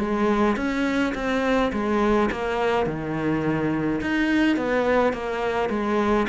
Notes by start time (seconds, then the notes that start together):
0.00 G#3
0.57 C#4
1.15 C4
1.73 G#3
2.32 A#3
2.87 D#3
4.01 D#4
4.57 B3
5.14 A#3
5.70 G#3